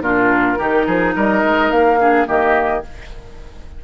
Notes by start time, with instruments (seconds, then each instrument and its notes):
0.00 bassoon A#2, clarinet D4, oboe F4, flute A#4
0.57 bassoon D#3, clarinet D#4, oboe G4
0.86 bassoon F3, oboe G#4
1.16 bassoon G3, oboe A#4, flute D#5
1.43 bassoon G#3
1.71 bassoon A#3, flute F5
2.00 clarinet D4, oboe G#4
2.26 bassoon D#3, clarinet A#3, oboe G4, flute D#5